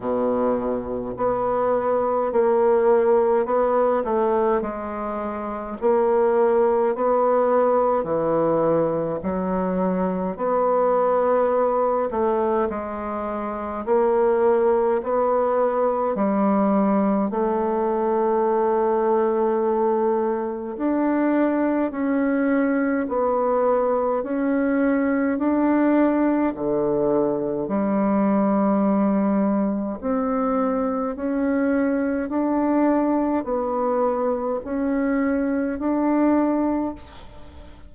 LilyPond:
\new Staff \with { instrumentName = "bassoon" } { \time 4/4 \tempo 4 = 52 b,4 b4 ais4 b8 a8 | gis4 ais4 b4 e4 | fis4 b4. a8 gis4 | ais4 b4 g4 a4~ |
a2 d'4 cis'4 | b4 cis'4 d'4 d4 | g2 c'4 cis'4 | d'4 b4 cis'4 d'4 | }